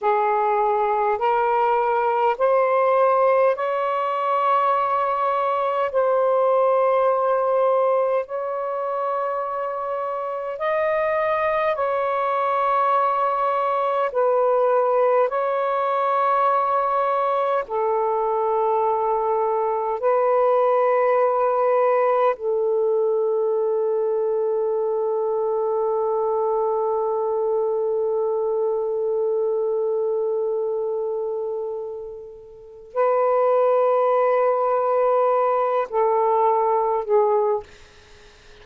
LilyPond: \new Staff \with { instrumentName = "saxophone" } { \time 4/4 \tempo 4 = 51 gis'4 ais'4 c''4 cis''4~ | cis''4 c''2 cis''4~ | cis''4 dis''4 cis''2 | b'4 cis''2 a'4~ |
a'4 b'2 a'4~ | a'1~ | a'1 | b'2~ b'8 a'4 gis'8 | }